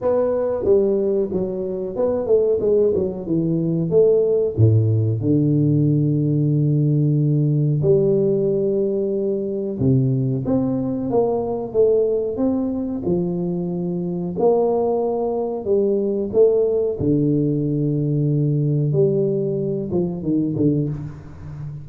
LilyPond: \new Staff \with { instrumentName = "tuba" } { \time 4/4 \tempo 4 = 92 b4 g4 fis4 b8 a8 | gis8 fis8 e4 a4 a,4 | d1 | g2. c4 |
c'4 ais4 a4 c'4 | f2 ais2 | g4 a4 d2~ | d4 g4. f8 dis8 d8 | }